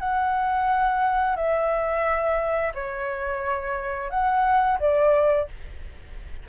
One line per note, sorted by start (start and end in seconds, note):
0.00 1.36 F#5
1.37 2.73 E5
2.75 4.10 C#5
4.10 4.79 F#5
4.80 5.49 D5